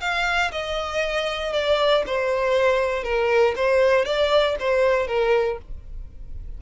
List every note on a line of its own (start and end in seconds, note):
0.00 0.51 F5
0.51 1.52 D#5
1.52 2.03 D5
2.06 3.03 C5
3.03 3.54 A#4
3.55 4.05 C5
4.05 4.56 D5
4.59 5.07 C5
5.07 5.58 A#4